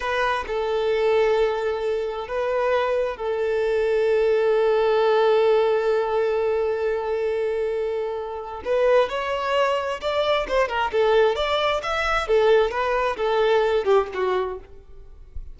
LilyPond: \new Staff \with { instrumentName = "violin" } { \time 4/4 \tempo 4 = 132 b'4 a'2.~ | a'4 b'2 a'4~ | a'1~ | a'1~ |
a'2. b'4 | cis''2 d''4 c''8 ais'8 | a'4 d''4 e''4 a'4 | b'4 a'4. g'8 fis'4 | }